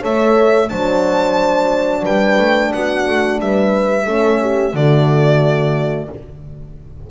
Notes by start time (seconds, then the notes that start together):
0.00 A3 A4 C#5 E5
0.69 F#3 D4 C5 A5
2.03 G3 B4 G5
2.38 A3
2.72 B3 F#4 F#5
3.07 A3
3.40 G3 B4 E5
4.05 A3 C#4 A4
4.41 G4
4.73 D3 A3 F#4 D5